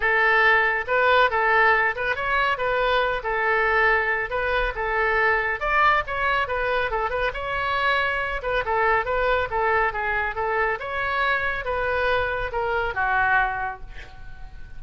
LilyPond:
\new Staff \with { instrumentName = "oboe" } { \time 4/4 \tempo 4 = 139 a'2 b'4 a'4~ | a'8 b'8 cis''4 b'4. a'8~ | a'2 b'4 a'4~ | a'4 d''4 cis''4 b'4 |
a'8 b'8 cis''2~ cis''8 b'8 | a'4 b'4 a'4 gis'4 | a'4 cis''2 b'4~ | b'4 ais'4 fis'2 | }